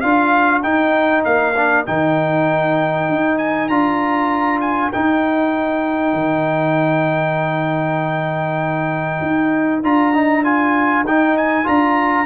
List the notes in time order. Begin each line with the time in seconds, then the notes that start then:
0.00 D4 F4 A#4 F5
0.62 D#4 G5
1.24 A#3 F5
1.56 D4
1.86 D#3 D#4 G5
3.09 D#4
3.38 G#5
3.68 D4 F4 A#5
4.60 G#5
4.92 D#4 G5
6.13 D#3
9.21 D#4
9.82 D4 F4 A#5
10.13 D#4
10.43 F4 G#5
11.03 D#4 G5
11.37 G#5
11.64 D4 F4 A#5